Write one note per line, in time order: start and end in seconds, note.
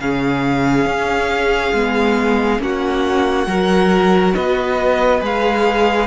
0.00 0.86 C#3
0.00 1.75 C#4
0.00 2.63 G#4
0.00 2.61 F5
0.86 1.73 C#4
1.74 2.61 G#3
1.74 2.59 B3
2.59 3.47 A#3
2.59 3.46 C#4
2.59 3.49 F#4
2.59 4.35 F#5
3.47 4.34 F#3
3.47 5.21 F#4
3.47 4.36 A#4
4.35 5.22 B3
4.35 6.08 B4
4.35 5.22 D#5
5.21 6.08 G#3
5.21 6.08 G#4
5.21 6.08 F5